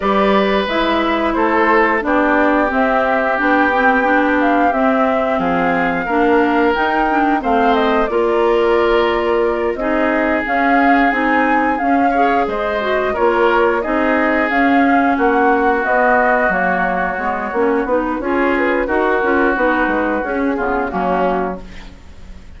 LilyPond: <<
  \new Staff \with { instrumentName = "flute" } { \time 4/4 \tempo 4 = 89 d''4 e''4 c''4 d''4 | e''4 g''4. f''8 e''4 | f''2 g''4 f''8 dis''8 | d''2~ d''8 dis''4 f''8~ |
f''8 gis''4 f''4 dis''4 cis''8~ | cis''8 dis''4 f''4 fis''4 dis''8~ | dis''8 cis''2 b'8 cis''8 b'8 | ais'4 b'4 gis'4 fis'4 | }
  \new Staff \with { instrumentName = "oboe" } { \time 4/4 b'2 a'4 g'4~ | g'1 | gis'4 ais'2 c''4 | ais'2~ ais'8 gis'4.~ |
gis'2 cis''8 c''4 ais'8~ | ais'8 gis'2 fis'4.~ | fis'2. gis'4 | fis'2~ fis'8 f'8 cis'4 | }
  \new Staff \with { instrumentName = "clarinet" } { \time 4/4 g'4 e'2 d'4 | c'4 d'8 c'8 d'4 c'4~ | c'4 d'4 dis'8 d'8 c'4 | f'2~ f'8 dis'4 cis'8~ |
cis'8 dis'4 cis'8 gis'4 fis'8 f'8~ | f'8 dis'4 cis'2 b8~ | b8 ais4 b8 cis'8 dis'8 f'4 | fis'8 f'8 dis'4 cis'8 b8 ais4 | }
  \new Staff \with { instrumentName = "bassoon" } { \time 4/4 g4 gis4 a4 b4 | c'4 b2 c'4 | f4 ais4 dis'4 a4 | ais2~ ais8 c'4 cis'8~ |
cis'8 c'4 cis'4 gis4 ais8~ | ais8 c'4 cis'4 ais4 b8~ | b8 fis4 gis8 ais8 b8 cis'4 | dis'8 cis'8 b8 gis8 cis'8 cis8 fis4 | }
>>